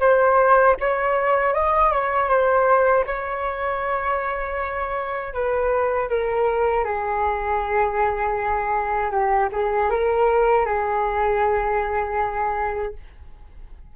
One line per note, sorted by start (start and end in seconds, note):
0.00 0.76 C5
0.80 1.54 C#5
1.54 1.92 D#5
1.92 2.29 C#5
2.29 3.05 C5
3.07 5.34 C#5
5.34 6.09 B4
6.09 6.84 A#4
6.84 9.11 G#4
9.11 9.49 G4
9.52 9.90 G#4
9.90 10.66 A#4
10.66 12.94 G#4